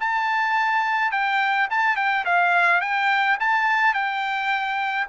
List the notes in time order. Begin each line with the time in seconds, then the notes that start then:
0.00 A5
1.11 G5
1.70 A5
1.96 G5
2.25 F5
2.81 G5
3.40 A5
3.94 G5